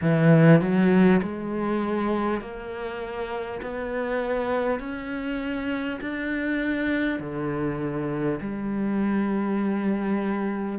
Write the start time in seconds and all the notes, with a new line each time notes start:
0.01 E3
0.61 F#3
1.22 G#3
2.41 A#3
3.62 B3
4.79 C#4
6.00 D4
7.19 D3
8.40 G3